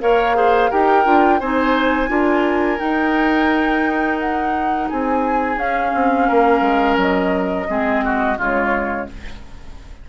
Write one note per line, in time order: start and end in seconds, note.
0.00 0.72 A#3
0.00 0.35 A#4
0.00 0.36 C#5
0.00 0.71 F5
0.35 0.70 G#4
0.35 0.70 C5
0.70 1.06 D#4
0.70 1.04 G4
0.70 1.40 A#4
0.70 1.40 G5
1.04 1.40 D4
1.04 1.39 F4
1.40 2.09 C4
1.40 2.08 D#4
1.40 2.09 C5
1.40 2.79 G#5
2.08 2.78 D4
2.08 2.77 F4
2.08 4.89 A#4
2.78 5.56 D#4
2.78 4.90 D#4
2.78 4.18 G5
4.19 4.89 F#5
4.89 5.56 C4
4.89 6.27 G#4
4.89 5.58 G#5
5.56 5.91 C#4
5.56 7.66 C#4
5.56 6.97 F5
5.94 6.29 C4
6.27 6.61 A#3
6.27 7.67 A#4
6.61 6.96 G#3
6.97 7.66 F#3
6.97 8.39 D#5
7.68 8.37 G#3
7.68 8.37 C4
7.68 8.04 G#4
8.04 8.37 F#4
8.37 9.07 C#3
8.37 9.08 G#3
8.37 9.07 F4
8.37 9.09 C#5